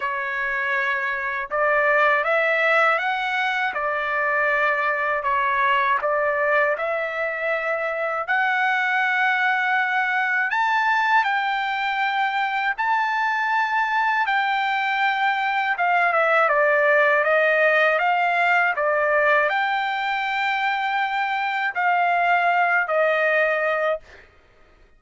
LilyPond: \new Staff \with { instrumentName = "trumpet" } { \time 4/4 \tempo 4 = 80 cis''2 d''4 e''4 | fis''4 d''2 cis''4 | d''4 e''2 fis''4~ | fis''2 a''4 g''4~ |
g''4 a''2 g''4~ | g''4 f''8 e''8 d''4 dis''4 | f''4 d''4 g''2~ | g''4 f''4. dis''4. | }